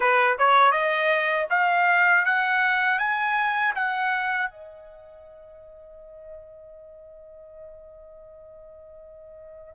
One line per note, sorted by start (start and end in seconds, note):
0.00 0.37 B4
0.38 0.71 C#5
0.71 1.46 D#5
1.50 2.25 F5
2.25 2.99 F#5
2.99 3.74 G#5
3.75 4.50 F#5
4.50 9.75 D#5